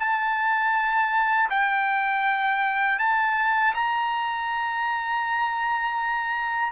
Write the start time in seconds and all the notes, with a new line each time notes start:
0.00 A5
1.50 G5
2.99 A5
3.75 A#5